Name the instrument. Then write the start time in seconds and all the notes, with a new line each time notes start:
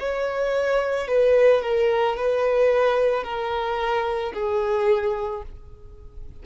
violin
0.00 C#5
1.08 B4
1.62 A#4
2.17 B4
3.24 A#4
4.34 G#4